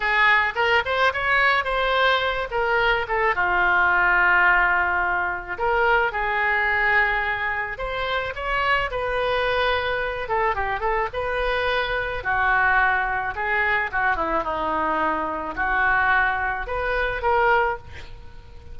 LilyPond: \new Staff \with { instrumentName = "oboe" } { \time 4/4 \tempo 4 = 108 gis'4 ais'8 c''8 cis''4 c''4~ | c''8 ais'4 a'8 f'2~ | f'2 ais'4 gis'4~ | gis'2 c''4 cis''4 |
b'2~ b'8 a'8 g'8 a'8 | b'2 fis'2 | gis'4 fis'8 e'8 dis'2 | fis'2 b'4 ais'4 | }